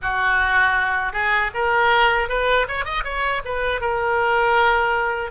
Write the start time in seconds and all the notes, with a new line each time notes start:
0.02 F#4
1.13 G#4
1.54 A#4
2.28 B4
2.68 C#5
2.84 D#5
3.04 C#5
3.45 B4
3.80 A#4